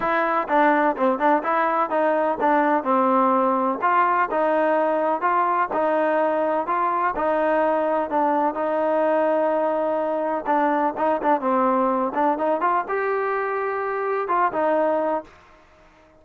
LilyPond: \new Staff \with { instrumentName = "trombone" } { \time 4/4 \tempo 4 = 126 e'4 d'4 c'8 d'8 e'4 | dis'4 d'4 c'2 | f'4 dis'2 f'4 | dis'2 f'4 dis'4~ |
dis'4 d'4 dis'2~ | dis'2 d'4 dis'8 d'8 | c'4. d'8 dis'8 f'8 g'4~ | g'2 f'8 dis'4. | }